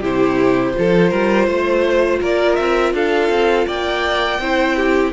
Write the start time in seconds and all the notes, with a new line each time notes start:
0.00 C3 E4 G4 C5
0.73 F3 F4 A4
1.10 G3 A#4
1.46 A3 C5
2.21 A#3 A#4 D5
2.56 C4 E5
2.93 D4 A4 F5
3.29 C4
3.67 A#3 D5 G5
4.39 C4 E4 C5
4.76 G4